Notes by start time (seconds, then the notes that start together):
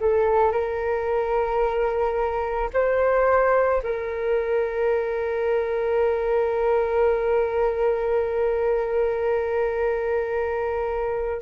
0.00 A4
0.52 A#4
2.73 C5
3.83 A#4